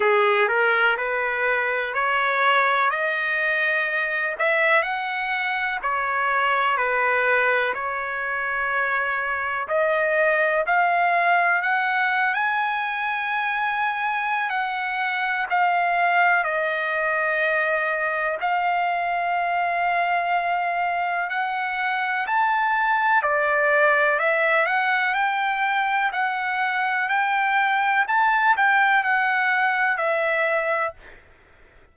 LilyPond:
\new Staff \with { instrumentName = "trumpet" } { \time 4/4 \tempo 4 = 62 gis'8 ais'8 b'4 cis''4 dis''4~ | dis''8 e''8 fis''4 cis''4 b'4 | cis''2 dis''4 f''4 | fis''8. gis''2~ gis''16 fis''4 |
f''4 dis''2 f''4~ | f''2 fis''4 a''4 | d''4 e''8 fis''8 g''4 fis''4 | g''4 a''8 g''8 fis''4 e''4 | }